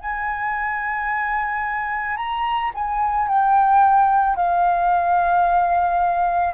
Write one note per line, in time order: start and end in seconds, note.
0.00 2.17 G#5
2.17 2.71 A#5
2.74 3.28 G#5
3.28 4.36 G5
4.36 6.54 F5